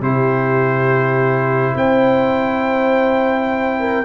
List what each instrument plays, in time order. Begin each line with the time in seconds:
0.00 tuba C3, trombone E4, horn G4, trumpet C5
1.75 tuba C4, horn C5, trumpet G5
3.79 horn A#4